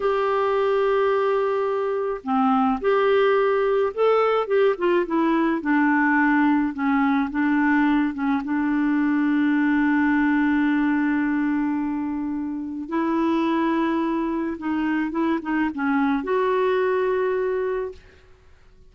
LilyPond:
\new Staff \with { instrumentName = "clarinet" } { \time 4/4 \tempo 4 = 107 g'1 | c'4 g'2 a'4 | g'8 f'8 e'4 d'2 | cis'4 d'4. cis'8 d'4~ |
d'1~ | d'2. e'4~ | e'2 dis'4 e'8 dis'8 | cis'4 fis'2. | }